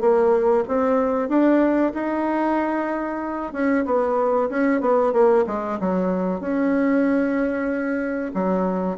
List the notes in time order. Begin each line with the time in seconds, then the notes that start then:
0.00 A#3
0.68 C4
1.28 D4
1.94 D#4
3.53 C#4
3.85 B3
4.49 C#4
4.81 B3
5.13 A#3
5.46 G#3
5.80 F#3
6.40 C#4
8.34 F#3